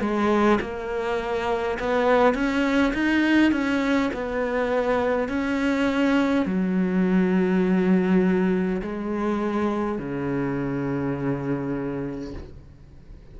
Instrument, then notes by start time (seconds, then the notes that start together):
cello
0.00 G#3
0.60 A#3
1.79 B3
2.34 C#4
2.93 D#4
3.51 C#4
4.13 B3
5.28 C#4
6.45 F#3
8.81 G#3
9.98 C#3